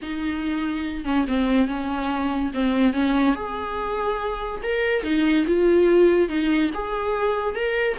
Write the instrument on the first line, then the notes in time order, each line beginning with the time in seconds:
viola
0.02 D#4
1.04 C#4
1.27 C4
1.67 C#4
2.53 C4
2.93 C#4
3.35 G#4
4.62 A#4
5.03 D#4
5.47 F4
6.28 D#4
6.74 G#4
7.55 A#4